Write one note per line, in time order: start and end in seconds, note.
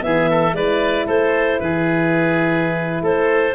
0.00 0.53 E3
0.00 0.52 B3
0.00 0.30 G#4
0.00 0.54 E5
0.30 0.56 A4
0.53 1.05 G#3
0.53 3.55 E4
0.53 1.06 B4
0.53 1.07 D5
1.06 1.58 A3
1.06 1.58 A4
1.06 1.60 C5
1.60 3.01 E3
1.60 3.03 G#4
1.60 3.03 B4
3.01 3.53 A3
3.01 3.55 A4
3.01 3.55 C5